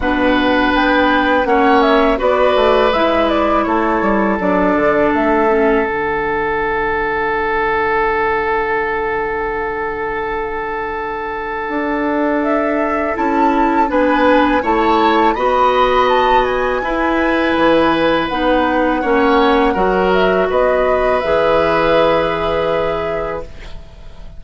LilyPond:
<<
  \new Staff \with { instrumentName = "flute" } { \time 4/4 \tempo 4 = 82 fis''4 g''4 fis''8 e''8 d''4 | e''8 d''8 cis''4 d''4 e''4 | fis''1~ | fis''1~ |
fis''4 e''4 a''4 gis''4 | a''4 b''4 a''8 gis''4.~ | gis''4 fis''2~ fis''8 e''8 | dis''4 e''2. | }
  \new Staff \with { instrumentName = "oboe" } { \time 4/4 b'2 cis''4 b'4~ | b'4 a'2.~ | a'1~ | a'1~ |
a'2. b'4 | cis''4 dis''2 b'4~ | b'2 cis''4 ais'4 | b'1 | }
  \new Staff \with { instrumentName = "clarinet" } { \time 4/4 d'2 cis'4 fis'4 | e'2 d'4. cis'8 | d'1~ | d'1~ |
d'2 e'4 d'4 | e'4 fis'2 e'4~ | e'4 dis'4 cis'4 fis'4~ | fis'4 gis'2. | }
  \new Staff \with { instrumentName = "bassoon" } { \time 4/4 b,4 b4 ais4 b8 a8 | gis4 a8 g8 fis8 d8 a4 | d1~ | d1 |
d'2 cis'4 b4 | a4 b2 e'4 | e4 b4 ais4 fis4 | b4 e2. | }
>>